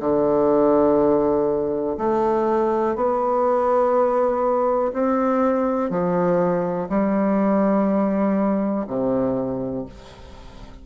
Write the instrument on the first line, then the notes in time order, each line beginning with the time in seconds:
bassoon
0.00 D3
1.97 A3
2.95 B3
4.93 C4
5.90 F3
6.89 G3
8.87 C3